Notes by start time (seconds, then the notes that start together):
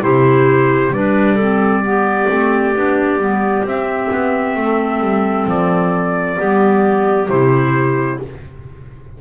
0.00 C3 E4 G4 C5
0.90 G3 D4 B4 D5
1.35 C4 A4
1.84 B3 G4
2.29 A3 C4
2.75 B3 D4
3.18 G3 B3
3.63 C4 E5
4.11 B3
4.56 A3 A4
5.00 G3
5.46 F3 D5
6.37 G3 B3 G4
7.29 C3 E4 C5